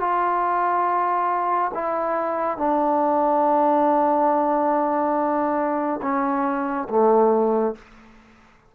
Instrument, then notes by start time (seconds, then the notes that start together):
trombone
0.00 F4
1.74 E4
2.58 D4
6.02 C#4
6.90 A3